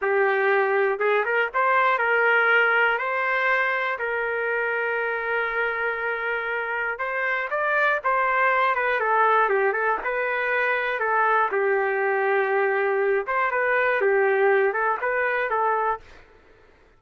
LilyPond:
\new Staff \with { instrumentName = "trumpet" } { \time 4/4 \tempo 4 = 120 g'2 gis'8 ais'8 c''4 | ais'2 c''2 | ais'1~ | ais'2 c''4 d''4 |
c''4. b'8 a'4 g'8 a'8 | b'2 a'4 g'4~ | g'2~ g'8 c''8 b'4 | g'4. a'8 b'4 a'4 | }